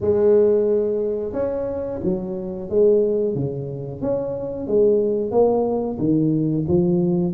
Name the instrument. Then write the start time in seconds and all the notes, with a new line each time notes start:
tuba
0.00 G#3
1.32 C#4
2.03 F#3
2.69 G#3
3.35 C#3
4.02 C#4
4.67 G#3
5.31 A#3
5.98 D#3
6.68 F3